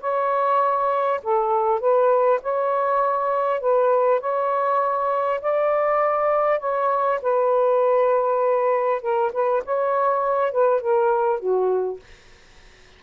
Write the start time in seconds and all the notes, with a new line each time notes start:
0.00 C#5
1.23 A4
1.79 B4
2.42 C#5
3.60 B4
4.20 C#5
5.41 D5
6.59 C#5
7.22 B4
9.01 A#4
9.32 B4
9.64 C#5
10.51 B4
10.80 A#4
11.39 F#4